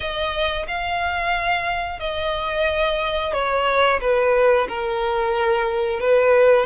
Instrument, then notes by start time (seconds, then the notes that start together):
violin
0.00 D#5
0.67 F5
1.99 D#5
3.33 C#5
4.00 B4
4.68 A#4
6.00 B4